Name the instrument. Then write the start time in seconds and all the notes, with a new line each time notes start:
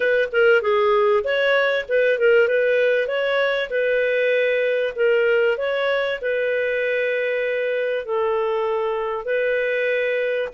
clarinet
0.00 B4
0.31 A#4
0.62 G#4
1.23 C#5
1.88 B4
2.18 A#4
2.47 B4
3.07 C#5
3.70 B4
4.95 A#4
5.57 C#5
6.21 B4
8.05 A4
9.25 B4